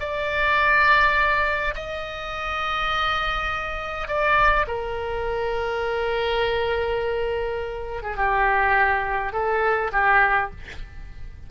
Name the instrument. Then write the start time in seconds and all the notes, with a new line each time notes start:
oboe
0.00 D5
1.75 D#5
4.08 D5
4.68 A#4
8.03 G#4
8.17 G4
9.33 A4
9.92 G4